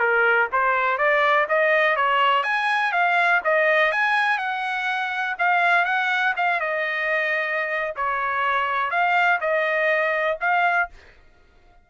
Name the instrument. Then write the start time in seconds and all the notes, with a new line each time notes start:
trumpet
0.00 A#4
0.53 C5
0.98 D5
1.49 D#5
1.96 C#5
2.44 G#5
2.93 F5
3.44 D#5
3.92 G#5
4.38 F#5
5.39 F5
5.85 F#5
6.37 F5
6.61 D#5
7.96 C#5
8.91 F5
9.41 D#5
10.41 F5